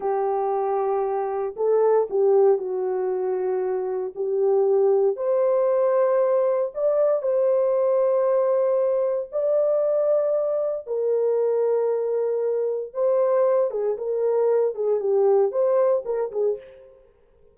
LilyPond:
\new Staff \with { instrumentName = "horn" } { \time 4/4 \tempo 4 = 116 g'2. a'4 | g'4 fis'2. | g'2 c''2~ | c''4 d''4 c''2~ |
c''2 d''2~ | d''4 ais'2.~ | ais'4 c''4. gis'8 ais'4~ | ais'8 gis'8 g'4 c''4 ais'8 gis'8 | }